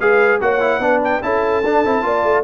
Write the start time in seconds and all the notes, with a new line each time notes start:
0.00 G#3 G#4 B4 F5
0.41 A#3 F#4 C#5 F#5
0.61 E4
0.80 B3 D4 B4
1.04 G5
1.23 C#4 E4 A4 A5
1.64 D4
1.85 C4 E4
2.03 A#3 F4 D5
2.24 A3